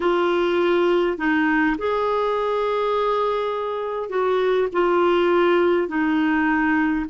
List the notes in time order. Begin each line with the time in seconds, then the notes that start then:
0.00 F4
1.17 D#4
1.78 G#4
4.09 F#4
4.72 F4
5.88 D#4